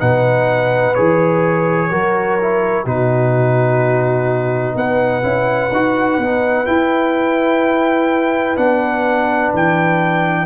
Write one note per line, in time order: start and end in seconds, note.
0.00 0.97 B2
0.00 0.95 D#4
0.00 1.90 B4
0.00 0.95 F#5
0.95 1.91 E3
0.95 1.91 G#4
0.95 2.85 C#5
1.90 2.86 F#3
1.90 2.39 F#4
1.90 2.84 A#4
2.41 2.86 E4
2.84 4.75 B2
2.84 5.23 D#4
2.84 4.75 F#4
2.84 4.78 B4
4.75 5.23 B3
4.75 10.46 B4
4.75 6.66 F#5
5.23 5.71 C#4
5.23 5.71 E4
5.72 6.18 D#4
5.72 6.21 F#4
6.18 6.66 B3
6.18 6.66 D#4
6.66 8.57 E4
6.66 8.58 E4
6.66 8.57 G5
8.57 9.53 B3
8.57 10.46 D4
8.57 9.53 F#5
9.54 10.46 E3
9.54 10.46 G5